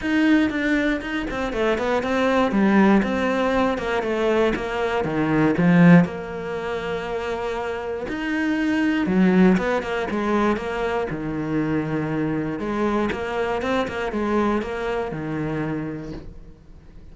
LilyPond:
\new Staff \with { instrumentName = "cello" } { \time 4/4 \tempo 4 = 119 dis'4 d'4 dis'8 c'8 a8 b8 | c'4 g4 c'4. ais8 | a4 ais4 dis4 f4 | ais1 |
dis'2 fis4 b8 ais8 | gis4 ais4 dis2~ | dis4 gis4 ais4 c'8 ais8 | gis4 ais4 dis2 | }